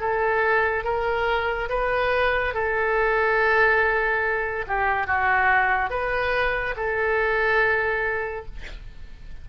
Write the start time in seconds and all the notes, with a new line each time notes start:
0.00 A4
0.84 A#4
1.69 B4
2.54 A4
4.67 G4
5.07 F#4
5.90 B4
6.76 A4